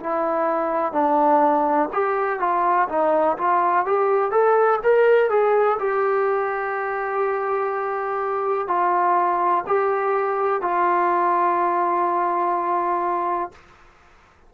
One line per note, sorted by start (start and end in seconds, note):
0.00 0.92 E4
0.92 1.89 D4
1.93 2.40 G4
2.40 2.88 F4
2.89 3.37 D#4
3.37 3.85 F4
3.85 4.31 G4
4.31 4.79 A4
4.83 5.30 A#4
5.30 5.78 G#4
5.79 8.67 G4
8.67 9.64 F4
9.67 10.61 G4
10.61 13.52 F4